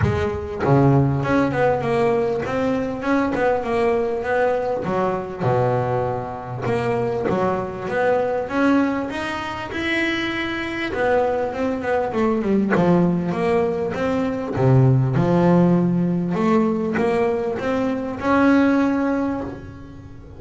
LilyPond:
\new Staff \with { instrumentName = "double bass" } { \time 4/4 \tempo 4 = 99 gis4 cis4 cis'8 b8 ais4 | c'4 cis'8 b8 ais4 b4 | fis4 b,2 ais4 | fis4 b4 cis'4 dis'4 |
e'2 b4 c'8 b8 | a8 g8 f4 ais4 c'4 | c4 f2 a4 | ais4 c'4 cis'2 | }